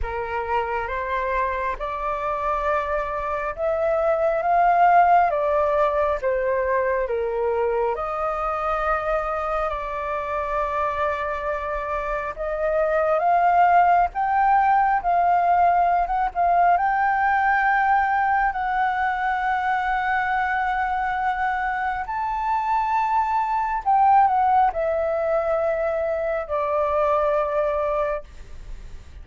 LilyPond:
\new Staff \with { instrumentName = "flute" } { \time 4/4 \tempo 4 = 68 ais'4 c''4 d''2 | e''4 f''4 d''4 c''4 | ais'4 dis''2 d''4~ | d''2 dis''4 f''4 |
g''4 f''4~ f''16 fis''16 f''8 g''4~ | g''4 fis''2.~ | fis''4 a''2 g''8 fis''8 | e''2 d''2 | }